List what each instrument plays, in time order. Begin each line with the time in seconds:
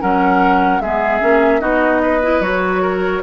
0.00 bassoon F#3, clarinet C#4, oboe A#4, flute F#5
0.80 bassoon G#3, clarinet B3, oboe G#4, flute E5
1.21 bassoon A#3, clarinet C#4
1.60 bassoon B3, clarinet D#4, oboe F#4, flute D#5
2.03 oboe B4
2.23 clarinet E4
2.40 bassoon F#3, clarinet F#4, flute C#5
2.82 oboe A#4